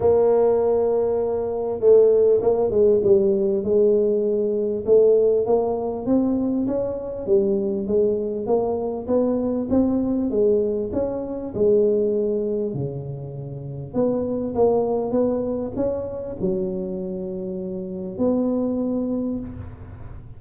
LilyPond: \new Staff \with { instrumentName = "tuba" } { \time 4/4 \tempo 4 = 99 ais2. a4 | ais8 gis8 g4 gis2 | a4 ais4 c'4 cis'4 | g4 gis4 ais4 b4 |
c'4 gis4 cis'4 gis4~ | gis4 cis2 b4 | ais4 b4 cis'4 fis4~ | fis2 b2 | }